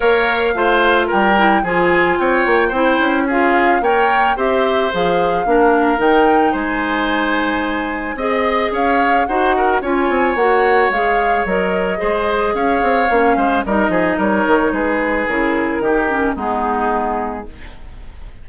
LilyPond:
<<
  \new Staff \with { instrumentName = "flute" } { \time 4/4 \tempo 4 = 110 f''2 g''4 gis''4 | g''2 f''4 g''4 | e''4 f''2 g''4 | gis''2. dis''4 |
f''4 fis''4 gis''4 fis''4 | f''4 dis''2 f''4~ | f''4 dis''4 cis''4 b'4 | ais'2 gis'2 | }
  \new Staff \with { instrumentName = "oboe" } { \time 4/4 cis''4 c''4 ais'4 gis'4 | cis''4 c''4 gis'4 cis''4 | c''2 ais'2 | c''2. dis''4 |
cis''4 c''8 ais'8 cis''2~ | cis''2 c''4 cis''4~ | cis''8 c''8 ais'8 gis'8 ais'4 gis'4~ | gis'4 g'4 dis'2 | }
  \new Staff \with { instrumentName = "clarinet" } { \time 4/4 ais'4 f'4. e'8 f'4~ | f'4 e'4 f'4 ais'4 | g'4 gis'4 d'4 dis'4~ | dis'2. gis'4~ |
gis'4 fis'4 f'4 fis'4 | gis'4 ais'4 gis'2 | cis'4 dis'2. | e'4 dis'8 cis'8 b2 | }
  \new Staff \with { instrumentName = "bassoon" } { \time 4/4 ais4 a4 g4 f4 | c'8 ais8 c'8 cis'4. ais4 | c'4 f4 ais4 dis4 | gis2. c'4 |
cis'4 dis'4 cis'8 c'8 ais4 | gis4 fis4 gis4 cis'8 c'8 | ais8 gis8 g8 f8 g8 dis8 gis4 | cis4 dis4 gis2 | }
>>